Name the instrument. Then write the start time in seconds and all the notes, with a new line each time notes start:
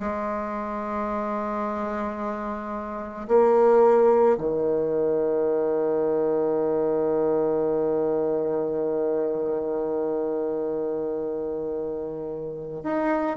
bassoon
0.00 G#3
3.28 A#3
4.38 D#3
12.84 D#4